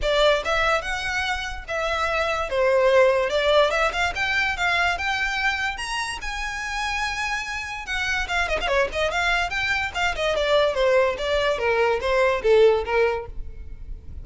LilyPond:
\new Staff \with { instrumentName = "violin" } { \time 4/4 \tempo 4 = 145 d''4 e''4 fis''2 | e''2 c''2 | d''4 e''8 f''8 g''4 f''4 | g''2 ais''4 gis''4~ |
gis''2. fis''4 | f''8 dis''16 f''16 cis''8 dis''8 f''4 g''4 | f''8 dis''8 d''4 c''4 d''4 | ais'4 c''4 a'4 ais'4 | }